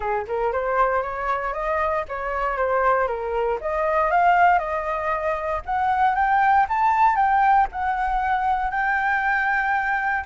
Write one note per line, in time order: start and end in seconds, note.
0.00 0.25 G#4
0.27 0.52 A#4
0.52 1.02 C5
1.02 1.53 C#5
1.53 2.04 D#5
2.08 2.57 C#5
2.57 3.07 C5
3.07 3.58 A#4
3.60 4.10 D#5
4.10 4.59 F5
4.59 5.61 D#5
5.65 6.15 F#5
6.15 6.66 G5
6.69 7.15 A5
7.15 7.67 G5
7.72 8.70 F#5
8.70 10.24 G5